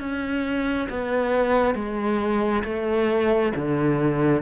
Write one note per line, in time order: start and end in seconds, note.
0.00 0.88 C#4
0.90 1.75 B3
1.75 2.63 G#3
2.64 3.53 A3
3.56 4.42 D3